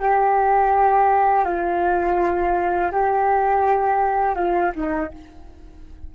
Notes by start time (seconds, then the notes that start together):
0.00 G4
1.45 F4
2.92 G4
4.35 F4
4.76 D#4